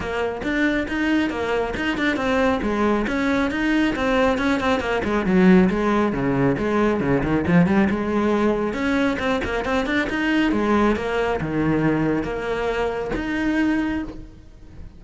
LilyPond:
\new Staff \with { instrumentName = "cello" } { \time 4/4 \tempo 4 = 137 ais4 d'4 dis'4 ais4 | dis'8 d'8 c'4 gis4 cis'4 | dis'4 c'4 cis'8 c'8 ais8 gis8 | fis4 gis4 cis4 gis4 |
cis8 dis8 f8 g8 gis2 | cis'4 c'8 ais8 c'8 d'8 dis'4 | gis4 ais4 dis2 | ais2 dis'2 | }